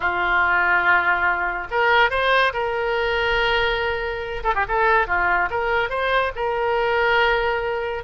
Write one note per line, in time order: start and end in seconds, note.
0.00 1.67 F4
1.71 2.10 A#4
2.10 2.52 C5
2.53 4.43 A#4
4.43 4.54 A4
4.54 4.65 G4
4.67 5.07 A4
5.07 5.49 F4
5.50 5.89 A#4
5.89 6.31 C5
6.35 8.04 A#4